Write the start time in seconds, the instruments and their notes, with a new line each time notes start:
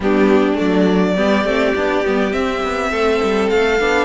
0.00 cello G3, viola B3, violin D4 G4
0.54 cello F#3, viola A3, violin D5
1.15 cello G3, viola B3, violin G4
1.44 cello A3, viola C4
1.75 cello B3, viola D4
2.05 cello G3, viola B3
2.31 viola C4, cello C4, violin E5
2.63 cello B3
2.91 cello A3, violin A4
3.22 cello G3
3.49 cello A3, violin F5
3.79 cello B3, viola D4